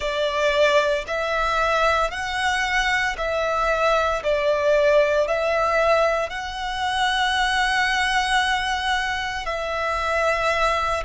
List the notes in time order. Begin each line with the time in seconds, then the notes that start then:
0.00 D5
1.07 E5
2.11 F#5
3.17 E5
4.23 D5
5.27 E5
6.29 F#5
9.45 E5